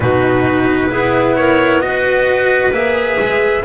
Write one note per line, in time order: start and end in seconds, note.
0.00 0.89 B2
0.00 0.90 D#4
0.00 0.90 F#4
0.00 1.36 B4
0.89 2.71 B3
0.89 1.80 E4
0.89 1.35 G#4
1.36 1.83 A#4
1.36 1.80 C#5
1.80 2.71 F#4
1.80 3.64 B4
1.80 2.71 D#5
2.71 3.17 A#3
2.71 3.62 G#4
2.71 3.64 E5
3.19 3.64 G#3